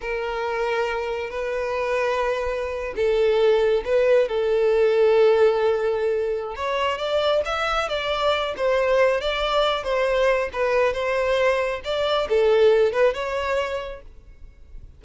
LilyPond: \new Staff \with { instrumentName = "violin" } { \time 4/4 \tempo 4 = 137 ais'2. b'4~ | b'2~ b'8. a'4~ a'16~ | a'8. b'4 a'2~ a'16~ | a'2. cis''4 |
d''4 e''4 d''4. c''8~ | c''4 d''4. c''4. | b'4 c''2 d''4 | a'4. b'8 cis''2 | }